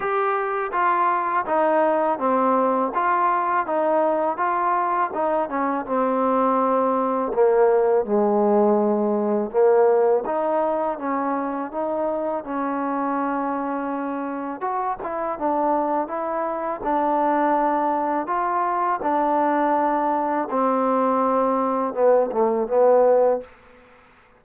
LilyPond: \new Staff \with { instrumentName = "trombone" } { \time 4/4 \tempo 4 = 82 g'4 f'4 dis'4 c'4 | f'4 dis'4 f'4 dis'8 cis'8 | c'2 ais4 gis4~ | gis4 ais4 dis'4 cis'4 |
dis'4 cis'2. | fis'8 e'8 d'4 e'4 d'4~ | d'4 f'4 d'2 | c'2 b8 a8 b4 | }